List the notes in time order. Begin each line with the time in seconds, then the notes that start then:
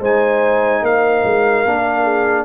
0.00 G#3 D#4 C5 G#5
0.82 A#3 A#4 F5
1.24 G#3
1.66 A#3 D4
2.03 G#4